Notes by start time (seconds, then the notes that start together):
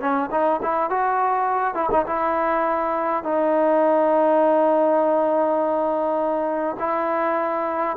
0.00 C#4
0.31 D#4
0.62 E4
0.90 F#4
1.74 E4
1.91 D#4
2.06 E4
3.23 D#4
6.79 E4